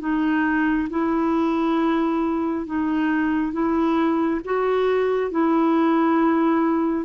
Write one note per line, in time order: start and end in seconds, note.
0.00 0.88 D#4
0.90 2.66 E4
2.66 3.53 D#4
3.53 4.41 E4
4.45 5.31 F#4
5.31 7.05 E4